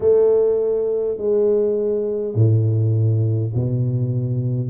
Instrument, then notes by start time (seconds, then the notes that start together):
tuba
0.00 A3
1.17 G#3
2.35 A2
3.54 B2